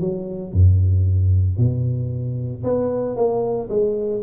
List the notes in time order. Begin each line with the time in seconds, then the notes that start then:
0.00 F#3
0.52 F#2
1.58 B2
2.63 B3
3.16 A#3
3.69 G#3